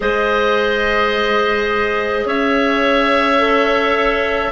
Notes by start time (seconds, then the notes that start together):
0.00 G#3 G#4 C5 D#5
2.25 C#4 C#5 E5
3.38 A4